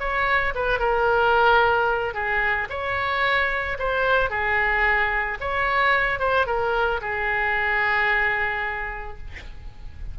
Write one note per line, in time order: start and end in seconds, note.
0.00 0.54 C#5
0.55 0.80 B4
0.80 2.14 A#4
2.14 2.69 G#4
2.70 3.78 C#5
3.79 4.30 C5
4.30 5.39 G#4
5.41 6.20 C#5
6.20 6.47 C5
6.47 7.01 A#4
7.02 9.18 G#4